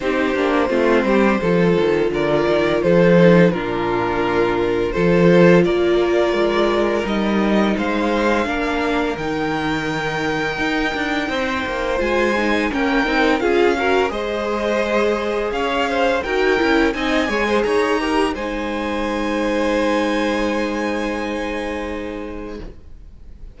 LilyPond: <<
  \new Staff \with { instrumentName = "violin" } { \time 4/4 \tempo 4 = 85 c''2. d''4 | c''4 ais'2 c''4 | d''2 dis''4 f''4~ | f''4 g''2.~ |
g''4 gis''4 g''4 f''4 | dis''2 f''4 g''4 | gis''4 ais''4 gis''2~ | gis''1 | }
  \new Staff \with { instrumentName = "violin" } { \time 4/4 g'4 f'8 g'8 a'4 ais'4 | a'4 f'2 a'4 | ais'2. c''4 | ais'1 |
c''2 ais'4 gis'8 ais'8 | c''2 cis''8 c''8 ais'4 | dis''8 cis''16 c''16 cis''8 ais'8 c''2~ | c''1 | }
  \new Staff \with { instrumentName = "viola" } { \time 4/4 dis'8 d'8 c'4 f'2~ | f'8 dis'8 d'2 f'4~ | f'2 dis'2 | d'4 dis'2.~ |
dis'4 f'8 dis'8 cis'8 dis'8 f'8 fis'8 | gis'2. fis'8 e'8 | dis'8 gis'4 g'8 dis'2~ | dis'1 | }
  \new Staff \with { instrumentName = "cello" } { \time 4/4 c'8 ais8 a8 g8 f8 dis8 d8 dis8 | f4 ais,2 f4 | ais4 gis4 g4 gis4 | ais4 dis2 dis'8 d'8 |
c'8 ais8 gis4 ais8 c'8 cis'4 | gis2 cis'4 dis'8 cis'8 | c'8 gis8 dis'4 gis2~ | gis1 | }
>>